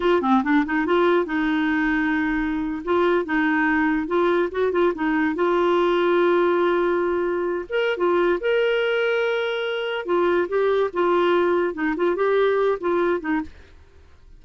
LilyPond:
\new Staff \with { instrumentName = "clarinet" } { \time 4/4 \tempo 4 = 143 f'8 c'8 d'8 dis'8 f'4 dis'4~ | dis'2~ dis'8. f'4 dis'16~ | dis'4.~ dis'16 f'4 fis'8 f'8 dis'16~ | dis'8. f'2.~ f'16~ |
f'2~ f'16 ais'8. f'4 | ais'1 | f'4 g'4 f'2 | dis'8 f'8 g'4. f'4 dis'8 | }